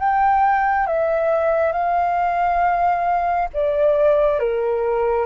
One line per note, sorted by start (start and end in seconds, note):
0.00 0.87 G5
0.87 1.72 E5
1.72 3.49 F5
3.54 4.40 D5
4.40 5.26 A#4